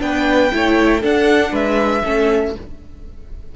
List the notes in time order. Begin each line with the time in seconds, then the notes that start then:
0.00 B3 D4 B4 G5
0.52 A3 E4 C#5
1.01 D4 A4 F#5
1.52 G#3 B4 E5
2.04 A3 C#4 A4